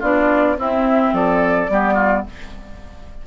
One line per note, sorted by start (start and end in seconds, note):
0.00 0.57 B3
0.00 0.57 D4
0.00 0.56 F4
0.00 0.59 D5
0.57 1.13 C4
0.57 1.70 C4
0.57 1.14 E4
0.57 1.15 E5
1.13 1.69 F3
1.13 1.70 A4
1.13 2.27 D5
1.69 2.25 G3
1.69 2.26 B3
1.69 1.94 G4
1.94 2.22 F4